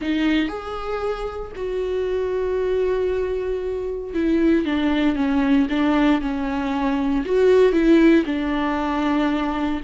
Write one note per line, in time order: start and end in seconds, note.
0.01 0.48 D#4
0.48 1.51 G#4
1.55 4.14 F#4
4.14 4.65 E4
4.65 5.15 D4
5.15 5.67 C#4
5.69 6.21 D4
6.21 7.24 C#4
7.25 7.72 F#4
7.72 8.24 E4
8.25 9.80 D4